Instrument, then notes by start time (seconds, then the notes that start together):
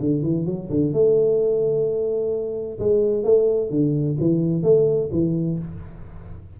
tuba
0.00 D3
0.22 E3
0.46 F#3
0.69 D3
0.93 A3
2.79 G#3
3.23 A3
3.70 D3
4.20 E3
4.63 A3
5.12 E3